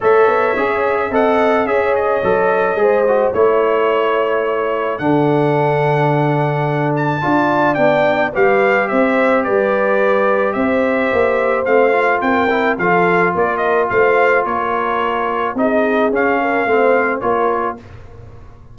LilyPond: <<
  \new Staff \with { instrumentName = "trumpet" } { \time 4/4 \tempo 4 = 108 e''2 fis''4 e''8 dis''8~ | dis''2 cis''2~ | cis''4 fis''2.~ | fis''8 a''4. g''4 f''4 |
e''4 d''2 e''4~ | e''4 f''4 g''4 f''4 | d''8 dis''8 f''4 cis''2 | dis''4 f''2 cis''4 | }
  \new Staff \with { instrumentName = "horn" } { \time 4/4 cis''2 dis''4 cis''4~ | cis''4 c''4 cis''2~ | cis''4 a'2.~ | a'4 d''2 b'4 |
c''4 b'2 c''4~ | c''2 ais'4 a'4 | ais'4 c''4 ais'2 | gis'4. ais'8 c''4 ais'4 | }
  \new Staff \with { instrumentName = "trombone" } { \time 4/4 a'4 gis'4 a'4 gis'4 | a'4 gis'8 fis'8 e'2~ | e'4 d'2.~ | d'4 f'4 d'4 g'4~ |
g'1~ | g'4 c'8 f'4 e'8 f'4~ | f'1 | dis'4 cis'4 c'4 f'4 | }
  \new Staff \with { instrumentName = "tuba" } { \time 4/4 a8 b8 cis'4 c'4 cis'4 | fis4 gis4 a2~ | a4 d2.~ | d4 d'4 b4 g4 |
c'4 g2 c'4 | ais4 a4 c'4 f4 | ais4 a4 ais2 | c'4 cis'4 a4 ais4 | }
>>